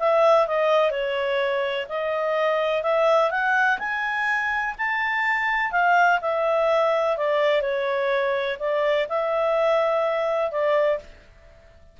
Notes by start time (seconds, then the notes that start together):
0.00 E5
0.48 D#5
0.91 C#5
1.89 D#5
2.83 E5
3.31 F#5
3.79 G#5
4.78 A5
5.72 F5
6.22 E5
7.18 D5
7.62 C#5
8.60 D5
9.09 E5
10.51 D5